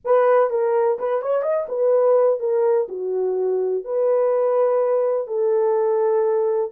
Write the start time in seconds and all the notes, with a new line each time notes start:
0.04 B4
0.49 A#4
0.98 B4
1.22 C#5
1.42 D#5
1.68 B4
2.39 A#4
2.88 F#4
3.84 B4
5.27 A4